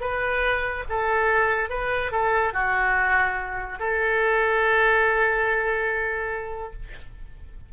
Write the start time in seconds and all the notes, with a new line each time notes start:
0.00 B4
0.89 A4
1.69 B4
2.11 A4
2.53 F#4
3.79 A4